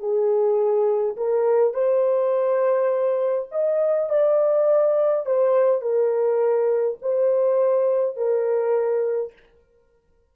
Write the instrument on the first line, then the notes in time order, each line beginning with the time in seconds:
horn
0.00 G#4
1.17 A#4
1.74 C5
3.52 D#5
4.10 D5
5.26 C5
5.82 A#4
7.02 C5
8.17 A#4